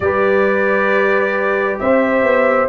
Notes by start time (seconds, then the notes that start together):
0.00 G3 G4 B4 D5
1.79 C4 C5 E5
2.22 B3